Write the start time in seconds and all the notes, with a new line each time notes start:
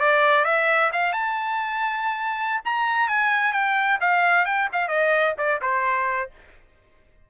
0.00 D5
0.45 E5
0.93 F5
1.13 A5
2.65 A#5
3.08 G#5
3.53 G5
4.01 F5
4.46 G5
4.73 F5
4.88 D#5
5.38 D5
5.62 C5